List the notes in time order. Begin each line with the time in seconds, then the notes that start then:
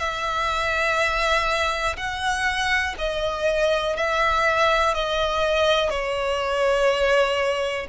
0.00 E5
1.97 F#5
2.99 D#5
3.97 E5
4.94 D#5
5.90 C#5